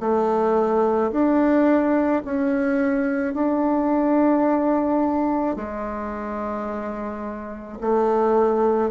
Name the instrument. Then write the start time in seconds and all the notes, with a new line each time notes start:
bassoon
0.00 A3
1.12 D4
2.25 C#4
3.34 D4
5.56 G#3
7.81 A3